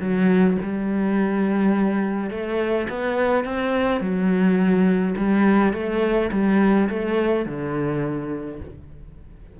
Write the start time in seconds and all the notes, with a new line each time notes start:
0.00 F#3
0.63 G3
2.30 A3
2.89 B3
3.44 C4
4.01 F#3
5.17 G3
5.73 A3
6.32 G3
6.89 A3
7.45 D3